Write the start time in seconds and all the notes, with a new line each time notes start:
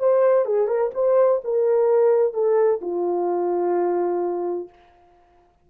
0.00 C5
0.46 G#4
0.68 A#4
0.95 C5
1.44 A#4
2.34 A4
2.82 F4